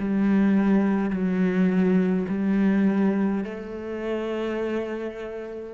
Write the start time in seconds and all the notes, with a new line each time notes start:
0.00 G3
1.11 F#3
2.29 G3
3.45 A3